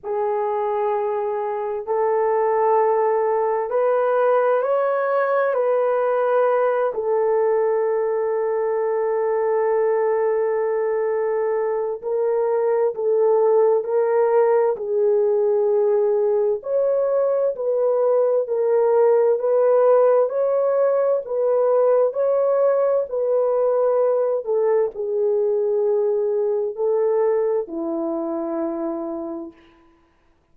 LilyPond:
\new Staff \with { instrumentName = "horn" } { \time 4/4 \tempo 4 = 65 gis'2 a'2 | b'4 cis''4 b'4. a'8~ | a'1~ | a'4 ais'4 a'4 ais'4 |
gis'2 cis''4 b'4 | ais'4 b'4 cis''4 b'4 | cis''4 b'4. a'8 gis'4~ | gis'4 a'4 e'2 | }